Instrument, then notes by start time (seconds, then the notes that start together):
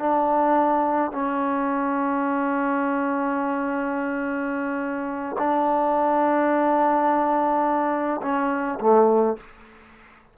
trombone
0.00 D4
1.12 C#4
5.39 D4
8.23 C#4
8.81 A3